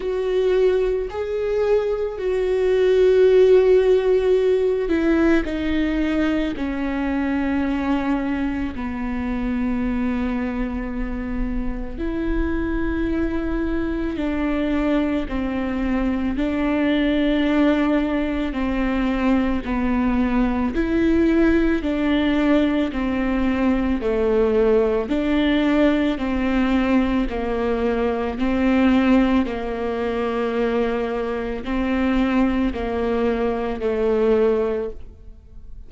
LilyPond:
\new Staff \with { instrumentName = "viola" } { \time 4/4 \tempo 4 = 55 fis'4 gis'4 fis'2~ | fis'8 e'8 dis'4 cis'2 | b2. e'4~ | e'4 d'4 c'4 d'4~ |
d'4 c'4 b4 e'4 | d'4 c'4 a4 d'4 | c'4 ais4 c'4 ais4~ | ais4 c'4 ais4 a4 | }